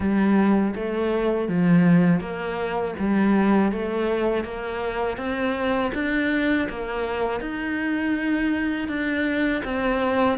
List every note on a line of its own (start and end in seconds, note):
0.00 0.74 G3
0.75 1.48 A3
1.48 2.20 F3
2.20 2.94 A#3
2.98 3.72 G3
3.72 4.44 A3
4.44 5.17 A#3
5.17 5.91 C4
5.94 6.68 D4
6.69 7.40 A#3
7.40 8.88 D#4
8.88 9.62 D4
9.64 10.38 C4